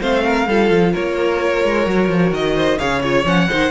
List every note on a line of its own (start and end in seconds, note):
0.00 0.47 A3
0.00 0.47 C4
0.00 0.24 C5
0.00 0.94 F5
0.25 0.47 A#4
0.47 0.70 G3
0.47 1.87 F4
0.47 0.92 A4
0.70 0.93 F3
0.92 1.64 A#3
0.92 2.55 A#4
0.92 2.33 C#5
1.64 1.86 G#3
1.86 2.09 F#3
1.86 2.79 F#4
2.09 2.31 F3
2.31 2.77 D#3
2.31 2.78 D#5
2.55 2.78 C5
2.78 3.25 C#3
2.78 3.02 G#4
2.78 3.48 C#5
2.78 3.02 F5
3.02 3.24 F4
3.02 3.25 C#5
3.24 3.48 F3
3.24 3.47 C#4
3.24 3.70 F#5
3.48 3.70 D#3
3.48 3.70 D#4
3.48 3.70 C5